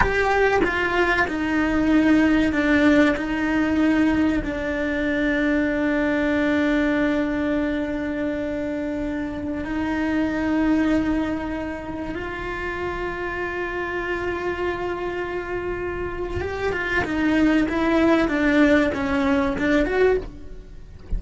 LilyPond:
\new Staff \with { instrumentName = "cello" } { \time 4/4 \tempo 4 = 95 g'4 f'4 dis'2 | d'4 dis'2 d'4~ | d'1~ | d'2.~ d'16 dis'8.~ |
dis'2.~ dis'16 f'8.~ | f'1~ | f'2 g'8 f'8 dis'4 | e'4 d'4 cis'4 d'8 fis'8 | }